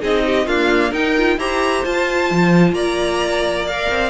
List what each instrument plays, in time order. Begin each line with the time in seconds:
0.00 cello C4, viola D#4, violin G#4 D#5
0.26 violin G4
0.46 viola A#3, cello D4, violin F4 F5
0.91 cello D#4, viola D#4, violin A#4 G5
1.17 viola F4
1.37 cello E4, viola G4, violin C5 A#5
1.85 viola F4, cello F4, violin A5
2.31 cello F3
2.72 cello A#3, violin D5 A#5
3.67 viola A#4, violin F5
3.90 cello C4